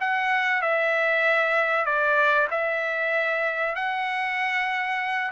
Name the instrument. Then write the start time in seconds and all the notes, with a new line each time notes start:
trumpet
0.00 F#5
0.61 E5
1.85 D5
2.50 E5
3.75 F#5